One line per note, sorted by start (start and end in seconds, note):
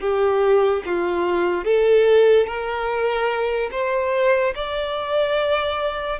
0.00 0.82 G4
0.86 1.64 F4
1.64 2.46 A4
2.46 3.69 A#4
3.71 4.53 C5
4.55 6.19 D5